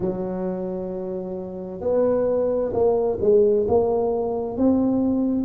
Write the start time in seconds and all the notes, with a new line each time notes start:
0.00 F#3
1.81 B3
2.73 A#3
3.21 G#3
3.68 A#3
4.57 C4